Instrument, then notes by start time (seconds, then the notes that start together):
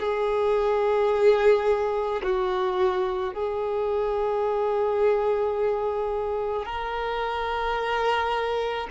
violin
0.00 G#4
2.23 F#4
3.34 G#4
6.66 A#4